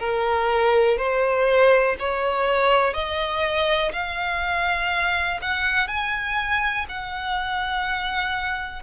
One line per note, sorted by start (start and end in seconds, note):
0.00 0.98 A#4
0.98 1.97 C5
2.00 2.94 C#5
2.94 3.93 D#5
3.93 5.41 F5
5.42 5.88 F#5
5.88 6.87 G#5
6.89 8.83 F#5